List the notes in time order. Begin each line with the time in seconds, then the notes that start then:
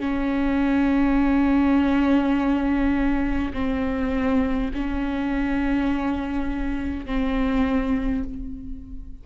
0.00 C#4
3.54 C4
4.74 C#4
7.06 C4